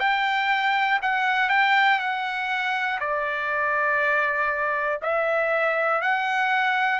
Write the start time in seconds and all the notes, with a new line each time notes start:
0.00 G5
1.02 F#5
1.50 G5
2.00 F#5
3.01 D5
5.02 E5
6.02 F#5